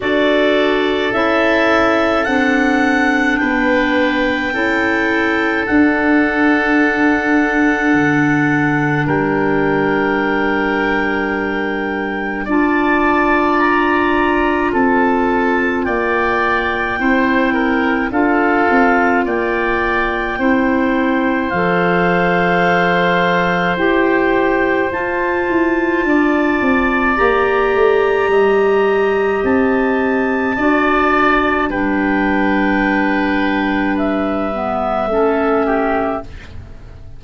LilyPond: <<
  \new Staff \with { instrumentName = "clarinet" } { \time 4/4 \tempo 4 = 53 d''4 e''4 fis''4 g''4~ | g''4 fis''2. | g''2. a''4 | ais''4 a''4 g''2 |
f''4 g''2 f''4~ | f''4 g''4 a''2 | ais''2 a''2 | g''2 e''2 | }
  \new Staff \with { instrumentName = "oboe" } { \time 4/4 a'2. b'4 | a'1 | ais'2. d''4~ | d''4 a'4 d''4 c''8 ais'8 |
a'4 d''4 c''2~ | c''2. d''4~ | d''4 dis''2 d''4 | b'2. a'8 g'8 | }
  \new Staff \with { instrumentName = "clarinet" } { \time 4/4 fis'4 e'4 d'2 | e'4 d'2.~ | d'2. f'4~ | f'2. e'4 |
f'2 e'4 a'4~ | a'4 g'4 f'2 | g'2. fis'4 | d'2~ d'8 b8 cis'4 | }
  \new Staff \with { instrumentName = "tuba" } { \time 4/4 d'4 cis'4 c'4 b4 | cis'4 d'2 d4 | g2. d'4~ | d'4 c'4 ais4 c'4 |
d'8 c'8 ais4 c'4 f4~ | f4 e'4 f'8 e'8 d'8 c'8 | ais8 a8 g4 c'4 d'4 | g2. a4 | }
>>